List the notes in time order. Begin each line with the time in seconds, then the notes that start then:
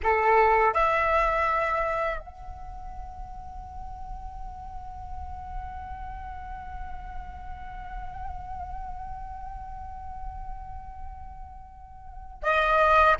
0.03 A4
0.73 E5
2.20 F#5
12.43 D#5